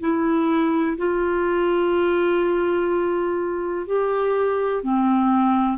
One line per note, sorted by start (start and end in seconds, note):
0.00 0.97 E4
0.97 3.87 F4
3.87 4.83 G4
4.83 5.78 C4